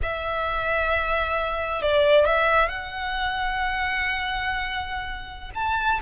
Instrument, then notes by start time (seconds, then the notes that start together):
violin
0.02 E5
1.82 D5
2.25 E5
2.68 F#5
5.54 A5